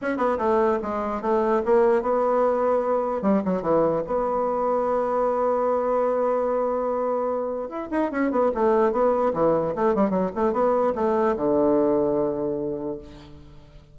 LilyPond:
\new Staff \with { instrumentName = "bassoon" } { \time 4/4 \tempo 4 = 148 cis'8 b8 a4 gis4 a4 | ais4 b2. | g8 fis8 e4 b2~ | b1~ |
b2. e'8 dis'8 | cis'8 b8 a4 b4 e4 | a8 g8 fis8 a8 b4 a4 | d1 | }